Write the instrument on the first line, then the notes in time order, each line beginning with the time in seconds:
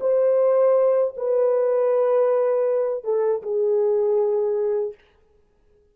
horn
0.00 C5
1.16 B4
3.04 A4
3.42 G#4